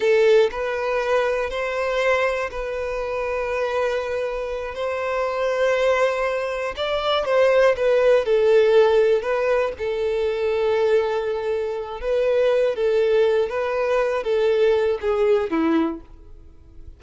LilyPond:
\new Staff \with { instrumentName = "violin" } { \time 4/4 \tempo 4 = 120 a'4 b'2 c''4~ | c''4 b'2.~ | b'4. c''2~ c''8~ | c''4. d''4 c''4 b'8~ |
b'8 a'2 b'4 a'8~ | a'1 | b'4. a'4. b'4~ | b'8 a'4. gis'4 e'4 | }